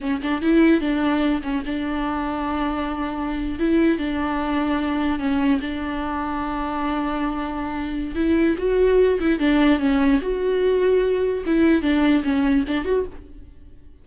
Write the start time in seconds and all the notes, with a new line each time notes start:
0.00 C#4
0.22 D4
0.41 E4
0.81 D4
1.42 C#4
1.65 D4
3.59 E4
3.98 D4
5.19 C#4
5.60 D4
8.15 E4
8.58 F#4
9.19 E4
9.39 D4
9.79 C#4
10.21 F#4
11.45 E4
11.82 D4
12.23 C#4
12.67 D4
12.85 F#4